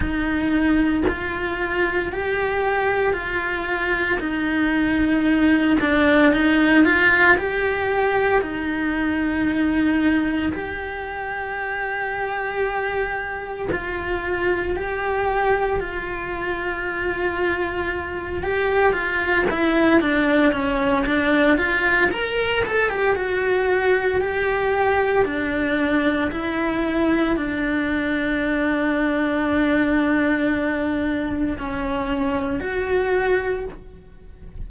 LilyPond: \new Staff \with { instrumentName = "cello" } { \time 4/4 \tempo 4 = 57 dis'4 f'4 g'4 f'4 | dis'4. d'8 dis'8 f'8 g'4 | dis'2 g'2~ | g'4 f'4 g'4 f'4~ |
f'4. g'8 f'8 e'8 d'8 cis'8 | d'8 f'8 ais'8 a'16 g'16 fis'4 g'4 | d'4 e'4 d'2~ | d'2 cis'4 fis'4 | }